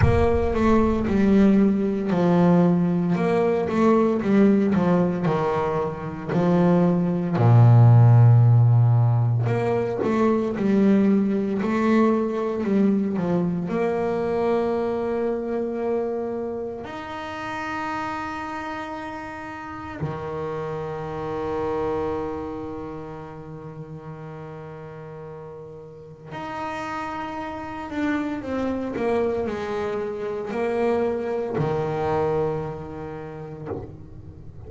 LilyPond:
\new Staff \with { instrumentName = "double bass" } { \time 4/4 \tempo 4 = 57 ais8 a8 g4 f4 ais8 a8 | g8 f8 dis4 f4 ais,4~ | ais,4 ais8 a8 g4 a4 | g8 f8 ais2. |
dis'2. dis4~ | dis1~ | dis4 dis'4. d'8 c'8 ais8 | gis4 ais4 dis2 | }